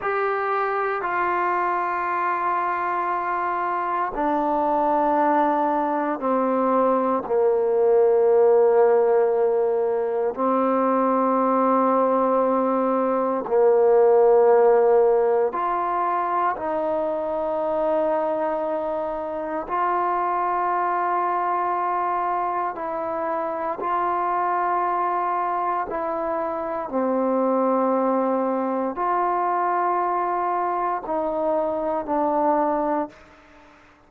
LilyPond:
\new Staff \with { instrumentName = "trombone" } { \time 4/4 \tempo 4 = 58 g'4 f'2. | d'2 c'4 ais4~ | ais2 c'2~ | c'4 ais2 f'4 |
dis'2. f'4~ | f'2 e'4 f'4~ | f'4 e'4 c'2 | f'2 dis'4 d'4 | }